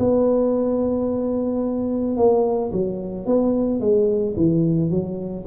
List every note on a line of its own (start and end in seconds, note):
0.00 2.17 B3
2.17 2.72 A#3
2.73 3.26 F#3
3.26 3.80 B3
3.80 4.35 G#3
4.37 4.91 E3
4.91 5.45 F#3